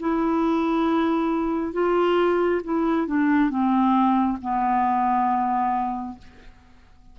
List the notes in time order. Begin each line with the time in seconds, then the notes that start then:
0.00 E4
1.74 F4
2.64 E4
3.07 D4
3.50 C4
4.42 B3